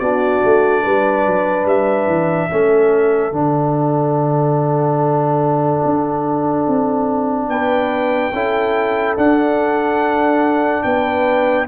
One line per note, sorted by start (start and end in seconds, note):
0.00 0.42 B3
0.00 2.51 D4
0.00 0.83 F#4
0.00 1.67 D5
0.45 0.86 A3
0.83 1.27 G3
0.83 2.49 B4
1.27 1.66 F#3
1.66 2.07 G3
1.66 3.35 E5
2.07 2.49 E3
2.51 3.32 A3
2.51 3.33 C#4
2.51 7.51 A4
3.32 5.82 D3
3.32 8.33 D4
3.32 7.50 F#5
5.85 6.68 D4
6.68 7.49 C4
7.49 8.32 B3
7.49 8.34 B4
7.49 9.17 G5
8.33 9.16 C#4
8.33 9.17 E4
8.33 10.84 A4
9.17 10.84 D4
9.17 11.67 D4
9.17 10.84 F#5
10.84 11.68 B3
10.84 11.68 B4
10.84 11.67 G5